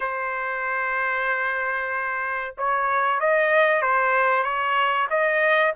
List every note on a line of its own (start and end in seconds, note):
0.00 2.54 C5
2.57 3.19 C#5
3.19 3.82 D#5
3.82 4.43 C5
4.43 5.07 C#5
5.09 5.73 D#5